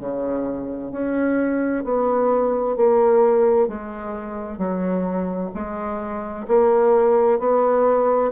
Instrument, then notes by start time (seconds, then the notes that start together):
bassoon
0.00 C#3
0.92 C#4
1.84 B3
2.77 A#3
3.68 G#3
4.58 F#3
5.54 G#3
6.48 A#3
7.39 B3